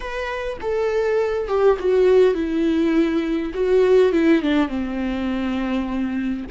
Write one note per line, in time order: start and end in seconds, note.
0.00 0.57 B4
0.61 1.48 A4
1.48 1.77 G4
1.79 2.34 F#4
2.34 3.52 E4
3.53 4.12 F#4
4.12 4.41 E4
4.41 4.68 D4
4.68 6.44 C4